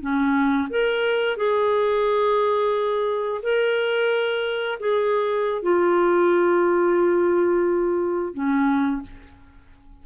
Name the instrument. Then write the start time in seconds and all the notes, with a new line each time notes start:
clarinet
0.00 C#4
0.69 A#4
1.36 G#4
3.42 A#4
4.79 G#4
5.62 F4
8.34 C#4